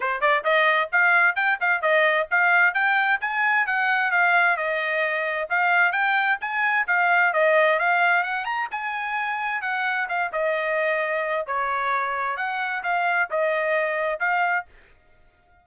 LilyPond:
\new Staff \with { instrumentName = "trumpet" } { \time 4/4 \tempo 4 = 131 c''8 d''8 dis''4 f''4 g''8 f''8 | dis''4 f''4 g''4 gis''4 | fis''4 f''4 dis''2 | f''4 g''4 gis''4 f''4 |
dis''4 f''4 fis''8 ais''8 gis''4~ | gis''4 fis''4 f''8 dis''4.~ | dis''4 cis''2 fis''4 | f''4 dis''2 f''4 | }